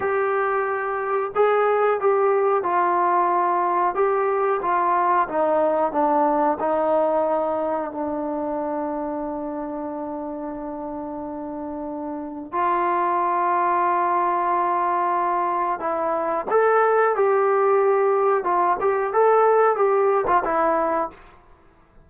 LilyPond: \new Staff \with { instrumentName = "trombone" } { \time 4/4 \tempo 4 = 91 g'2 gis'4 g'4 | f'2 g'4 f'4 | dis'4 d'4 dis'2 | d'1~ |
d'2. f'4~ | f'1 | e'4 a'4 g'2 | f'8 g'8 a'4 g'8. f'16 e'4 | }